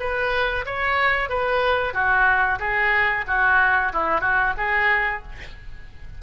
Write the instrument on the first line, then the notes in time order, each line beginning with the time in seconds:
oboe
0.00 B4
0.66 C#5
1.29 B4
1.94 F#4
2.59 G#4
3.27 F#4
3.93 E4
4.21 F#4
4.57 G#4